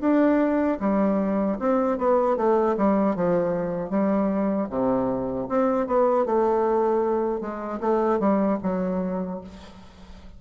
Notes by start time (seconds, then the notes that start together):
0.00 D4
0.80 G3
1.59 C4
1.98 B3
2.37 A3
2.77 G3
3.15 F3
3.90 G3
4.69 C3
5.48 C4
5.86 B3
6.25 A3
7.41 G#3
7.80 A3
8.19 G3
8.62 F#3